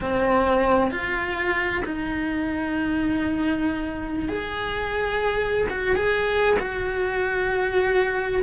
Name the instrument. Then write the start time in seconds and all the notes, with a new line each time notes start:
cello
0.00 C4
0.90 F4
1.85 D#4
4.29 G#4
5.69 F#4
5.95 G#4
6.59 F#4